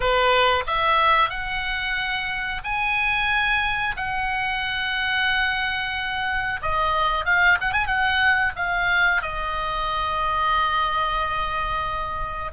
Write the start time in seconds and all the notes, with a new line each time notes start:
0.00 B4
0.66 E5
1.29 F#5
2.63 G#5
3.96 F#5
6.62 D#5
7.25 F5
7.61 F#5
7.73 G#5
7.86 F#5
8.56 F5
9.22 D#5